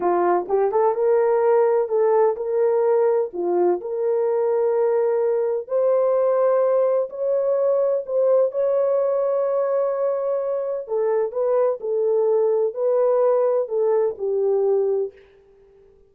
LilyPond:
\new Staff \with { instrumentName = "horn" } { \time 4/4 \tempo 4 = 127 f'4 g'8 a'8 ais'2 | a'4 ais'2 f'4 | ais'1 | c''2. cis''4~ |
cis''4 c''4 cis''2~ | cis''2. a'4 | b'4 a'2 b'4~ | b'4 a'4 g'2 | }